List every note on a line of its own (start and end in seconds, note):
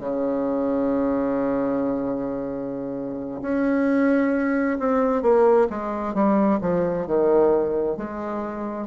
0.00 3.41 C#3
3.42 4.78 C#4
4.79 5.22 C4
5.22 5.67 A#3
5.70 6.14 G#3
6.14 6.60 G3
6.61 7.07 F3
7.07 7.97 D#3
7.97 8.87 G#3